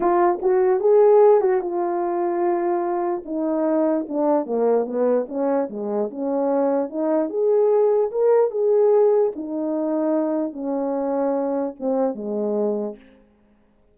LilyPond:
\new Staff \with { instrumentName = "horn" } { \time 4/4 \tempo 4 = 148 f'4 fis'4 gis'4. fis'8 | f'1 | dis'2 d'4 ais4 | b4 cis'4 gis4 cis'4~ |
cis'4 dis'4 gis'2 | ais'4 gis'2 dis'4~ | dis'2 cis'2~ | cis'4 c'4 gis2 | }